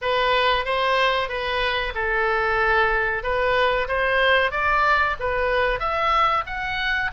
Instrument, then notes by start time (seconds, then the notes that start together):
oboe
0.01 B4
0.65 C5
1.28 B4
1.94 A4
3.23 B4
3.87 C5
4.51 D5
5.19 B4
5.79 E5
6.46 F#5